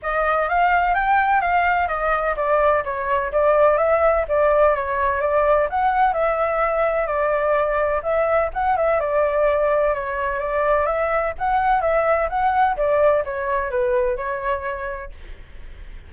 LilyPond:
\new Staff \with { instrumentName = "flute" } { \time 4/4 \tempo 4 = 127 dis''4 f''4 g''4 f''4 | dis''4 d''4 cis''4 d''4 | e''4 d''4 cis''4 d''4 | fis''4 e''2 d''4~ |
d''4 e''4 fis''8 e''8 d''4~ | d''4 cis''4 d''4 e''4 | fis''4 e''4 fis''4 d''4 | cis''4 b'4 cis''2 | }